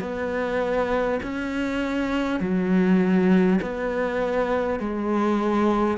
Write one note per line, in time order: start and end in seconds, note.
0.00 1.20 B3
1.23 2.40 C#4
2.40 3.60 F#3
3.61 4.79 B3
4.79 5.97 G#3